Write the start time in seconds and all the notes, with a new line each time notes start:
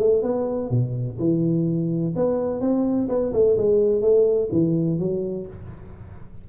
0.00 A3
0.23 B3
0.71 B2
1.19 E3
2.16 B3
2.61 C4
3.09 B3
3.33 A3
3.58 G#3
4.02 A3
4.52 E3
4.99 F#3